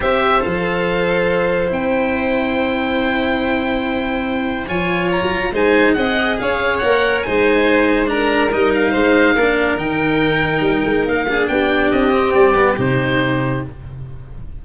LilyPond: <<
  \new Staff \with { instrumentName = "oboe" } { \time 4/4 \tempo 4 = 141 e''4 f''2. | g''1~ | g''2. gis''4 | ais''4 gis''4 fis''4 f''4 |
fis''4 gis''2 ais''4 | dis''8 f''2~ f''8 g''4~ | g''2 f''4 g''4 | dis''4 d''4 c''2 | }
  \new Staff \with { instrumentName = "violin" } { \time 4/4 c''1~ | c''1~ | c''2. cis''4~ | cis''4 c''4 dis''4 cis''4~ |
cis''4 c''2 ais'4~ | ais'4 c''4 ais'2~ | ais'2~ ais'8 gis'8 g'4~ | g'1 | }
  \new Staff \with { instrumentName = "cello" } { \time 4/4 g'4 a'2. | e'1~ | e'2. f'4~ | f'4 dis'4 gis'2 |
ais'4 dis'2 d'4 | dis'2 d'4 dis'4~ | dis'2~ dis'8 d'4.~ | d'8 c'4 b8 dis'2 | }
  \new Staff \with { instrumentName = "tuba" } { \time 4/4 c'4 f2. | c'1~ | c'2. f4~ | f16 fis8. gis4 c'4 cis'4 |
ais4 gis2. | g4 gis4 ais4 dis4~ | dis4 g8 gis8 ais4 b4 | c'4 g4 c2 | }
>>